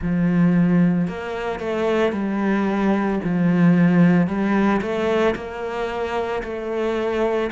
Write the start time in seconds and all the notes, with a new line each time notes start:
0.02 F3
1.07 A#3
1.59 A3
2.12 G3
3.23 F3
4.27 G3
4.81 A3
5.35 A#3
6.43 A3